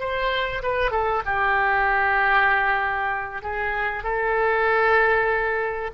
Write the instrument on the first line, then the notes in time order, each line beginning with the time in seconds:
oboe
0.00 C5
0.63 B4
0.91 A4
1.26 G4
3.42 G#4
4.03 A4